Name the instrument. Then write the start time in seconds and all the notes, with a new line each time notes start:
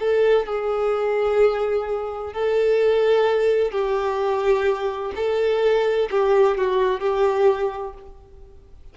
violin
0.00 A4
0.46 G#4
2.34 A4
3.72 G4
5.16 A4
6.12 G4
6.58 F#4
7.01 G4